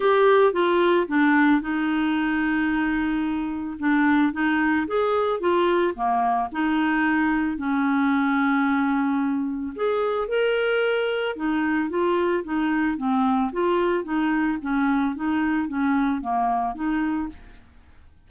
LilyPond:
\new Staff \with { instrumentName = "clarinet" } { \time 4/4 \tempo 4 = 111 g'4 f'4 d'4 dis'4~ | dis'2. d'4 | dis'4 gis'4 f'4 ais4 | dis'2 cis'2~ |
cis'2 gis'4 ais'4~ | ais'4 dis'4 f'4 dis'4 | c'4 f'4 dis'4 cis'4 | dis'4 cis'4 ais4 dis'4 | }